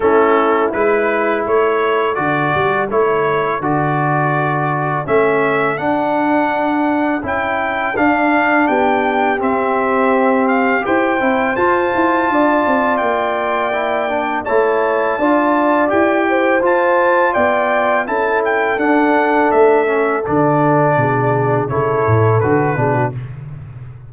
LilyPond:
<<
  \new Staff \with { instrumentName = "trumpet" } { \time 4/4 \tempo 4 = 83 a'4 b'4 cis''4 d''4 | cis''4 d''2 e''4 | fis''2 g''4 f''4 | g''4 e''4. f''8 g''4 |
a''2 g''2 | a''2 g''4 a''4 | g''4 a''8 g''8 fis''4 e''4 | d''2 cis''4 b'4 | }
  \new Staff \with { instrumentName = "horn" } { \time 4/4 e'2 a'2~ | a'1~ | a'1 | g'2. c''4~ |
c''4 d''2. | cis''4 d''4. c''4. | d''4 a'2.~ | a'4 gis'4 a'4. gis'16 fis'16 | }
  \new Staff \with { instrumentName = "trombone" } { \time 4/4 cis'4 e'2 fis'4 | e'4 fis'2 cis'4 | d'2 e'4 d'4~ | d'4 c'2 g'8 e'8 |
f'2. e'8 d'8 | e'4 f'4 g'4 f'4~ | f'4 e'4 d'4. cis'8 | d'2 e'4 fis'8 d'8 | }
  \new Staff \with { instrumentName = "tuba" } { \time 4/4 a4 gis4 a4 d8 g8 | a4 d2 a4 | d'2 cis'4 d'4 | b4 c'2 e'8 c'8 |
f'8 e'8 d'8 c'8 ais2 | a4 d'4 e'4 f'4 | b4 cis'4 d'4 a4 | d4 b,4 cis8 a,8 d8 b,8 | }
>>